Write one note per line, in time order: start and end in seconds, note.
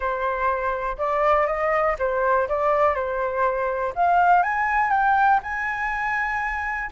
0.00 0.96 C5
0.98 1.46 D5
1.46 1.96 D#5
1.99 2.48 C5
2.48 2.94 D5
2.94 3.93 C5
3.95 4.42 F5
4.42 4.90 G#5
4.90 5.40 G5
5.42 6.90 G#5